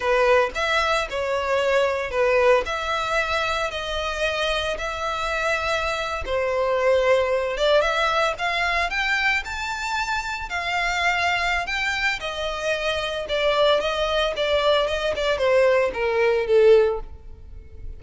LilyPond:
\new Staff \with { instrumentName = "violin" } { \time 4/4 \tempo 4 = 113 b'4 e''4 cis''2 | b'4 e''2 dis''4~ | dis''4 e''2~ e''8. c''16~ | c''2~ c''16 d''8 e''4 f''16~ |
f''8. g''4 a''2 f''16~ | f''2 g''4 dis''4~ | dis''4 d''4 dis''4 d''4 | dis''8 d''8 c''4 ais'4 a'4 | }